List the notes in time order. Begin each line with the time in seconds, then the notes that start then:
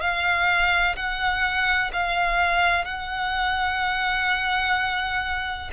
0.00 F5
0.96 F#5
1.93 F5
2.84 F#5